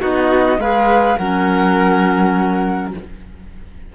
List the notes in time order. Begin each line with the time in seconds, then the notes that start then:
0.00 B3 D#4 F#4 D#5
0.58 G#3 G#4 B4 F5
1.18 F#3 C#4 A#4 F#5